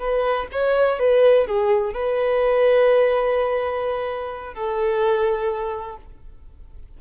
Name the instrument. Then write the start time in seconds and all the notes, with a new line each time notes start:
violin
0.00 B4
0.52 C#5
1.00 B4
1.47 G#4
1.94 B4
4.55 A4